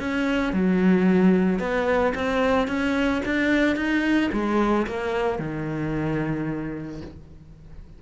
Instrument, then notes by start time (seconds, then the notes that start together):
cello
0.00 C#4
0.53 F#3
1.60 B3
2.15 C4
2.68 C#4
3.26 D4
3.76 D#4
4.33 G#3
4.87 A#3
5.39 D#3